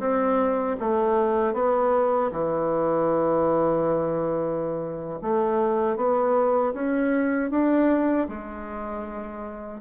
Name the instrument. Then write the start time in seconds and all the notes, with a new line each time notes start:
bassoon
0.00 C4
0.80 A3
1.54 B3
2.32 E3
5.22 A3
5.97 B3
6.74 C#4
7.51 D4
8.29 G#3